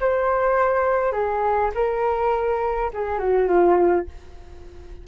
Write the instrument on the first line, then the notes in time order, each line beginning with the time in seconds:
flute
0.00 C5
1.12 G#4
1.74 A#4
2.93 G#4
3.19 F#4
3.48 F4